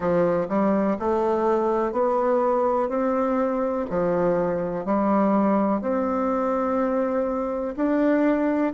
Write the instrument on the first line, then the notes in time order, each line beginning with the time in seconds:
bassoon
0.00 F3
0.48 G3
0.99 A3
1.92 B3
2.89 C4
3.90 F3
4.85 G3
5.81 C4
7.76 D4